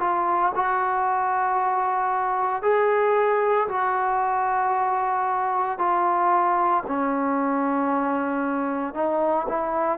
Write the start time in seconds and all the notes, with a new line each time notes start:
0.00 F4
0.55 F#4
2.62 G#4
3.68 F#4
5.78 F4
6.87 C#4
8.94 D#4
9.48 E4